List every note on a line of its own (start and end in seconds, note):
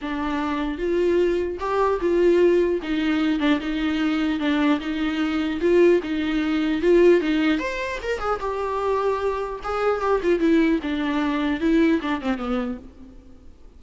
0.01 0.78 D4
0.78 1.58 F4
1.59 1.99 G4
2.00 2.80 F4
2.82 3.39 D#4
3.39 3.59 D4
3.60 4.39 D#4
4.39 4.79 D4
4.80 5.60 D#4
5.60 6.00 F4
6.02 6.81 D#4
6.81 7.20 F4
7.20 7.59 D#4
7.59 7.99 C5
8.02 8.19 A#4
8.19 8.39 G#4
8.40 9.60 G4
9.63 10.00 G#4
10.00 10.20 G4
10.23 10.39 F4
10.39 10.79 E4
10.82 11.60 D4
11.60 12.00 E4
12.01 12.21 D4
12.21 12.38 C4
12.38 12.78 B3